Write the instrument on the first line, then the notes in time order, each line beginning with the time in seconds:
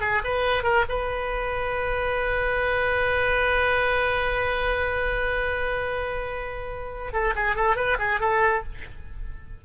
oboe
0.00 G#4
0.24 B4
0.63 A#4
0.88 B4
7.12 A4
7.35 G#4
7.55 A4
7.76 B4
7.98 G#4
8.20 A4